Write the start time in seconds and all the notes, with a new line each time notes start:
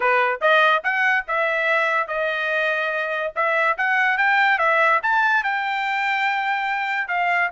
0.00 B4
0.41 D#5
0.83 F#5
1.27 E5
2.07 D#5
3.35 E5
3.77 F#5
4.17 G5
4.58 E5
5.02 A5
5.43 G5
7.07 F5